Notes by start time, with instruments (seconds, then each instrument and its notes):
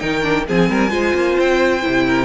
0.00 cello D#3, viola D#4, violin A#4 G5
0.22 viola D4
0.47 cello F3, viola C4, violin G#4 G#5
0.69 cello G3, violin A#4
0.90 cello G#3, viola F4, violin C5
1.15 cello A#3
1.39 cello C4, violin G5
1.82 cello C3, viola E4
2.07 violin A#4